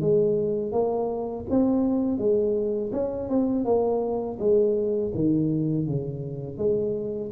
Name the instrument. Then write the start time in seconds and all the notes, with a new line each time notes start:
tuba
0.00 G#3
0.72 A#3
1.50 C4
2.18 G#3
2.92 C#4
3.29 C4
3.65 A#3
4.39 G#3
5.14 D#3
5.86 C#3
6.58 G#3